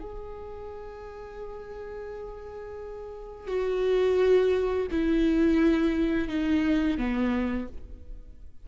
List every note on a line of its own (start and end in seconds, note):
0.00 3.47 G#4
3.47 4.87 F#4
4.91 6.28 E4
6.28 6.98 D#4
6.98 7.67 B3